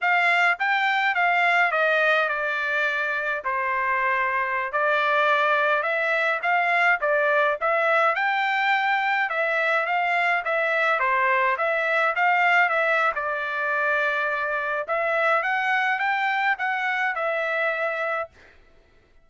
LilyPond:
\new Staff \with { instrumentName = "trumpet" } { \time 4/4 \tempo 4 = 105 f''4 g''4 f''4 dis''4 | d''2 c''2~ | c''16 d''2 e''4 f''8.~ | f''16 d''4 e''4 g''4.~ g''16~ |
g''16 e''4 f''4 e''4 c''8.~ | c''16 e''4 f''4 e''8. d''4~ | d''2 e''4 fis''4 | g''4 fis''4 e''2 | }